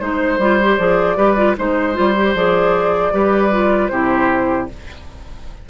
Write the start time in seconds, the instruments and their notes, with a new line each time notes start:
0.00 bassoon G#3, clarinet D#4, flute C5, oboe C5
0.39 bassoon G3, clarinet F4
0.63 clarinet G4
0.77 bassoon F3, clarinet G#4, flute D5
1.17 bassoon G3, clarinet G4, oboe B4
1.37 clarinet F4
1.57 bassoon G#3, clarinet D#4, flute C5, oboe C5
1.94 bassoon G3, clarinet F4
2.17 clarinet G4
2.34 bassoon F3, clarinet G#4, flute D5
3.12 bassoon G3, clarinet G4, oboe B4
3.52 clarinet F4
3.88 bassoon C3, clarinet E4, oboe G4, flute C5